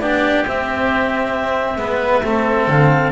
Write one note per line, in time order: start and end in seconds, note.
0.00 0.45 B3
0.00 0.46 D4
0.00 1.79 G4
0.00 0.44 D5
0.47 1.77 C4
0.47 1.78 C4
0.47 2.70 E5
1.77 2.22 G#3
1.77 2.23 B3
1.77 2.25 B4
2.23 2.67 A3
2.23 3.12 C4
2.23 3.12 A4
2.67 3.12 D3
2.67 3.12 F5